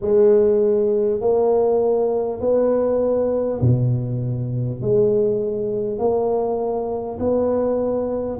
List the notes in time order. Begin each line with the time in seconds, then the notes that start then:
0.01 G#3
1.20 A#3
2.40 B3
3.61 B2
4.81 G#3
5.98 A#3
7.19 B3